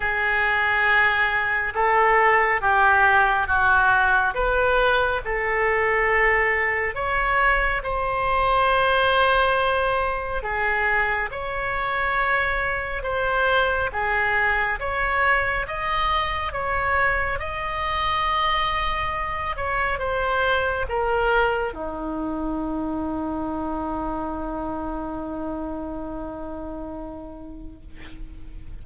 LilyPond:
\new Staff \with { instrumentName = "oboe" } { \time 4/4 \tempo 4 = 69 gis'2 a'4 g'4 | fis'4 b'4 a'2 | cis''4 c''2. | gis'4 cis''2 c''4 |
gis'4 cis''4 dis''4 cis''4 | dis''2~ dis''8 cis''8 c''4 | ais'4 dis'2.~ | dis'1 | }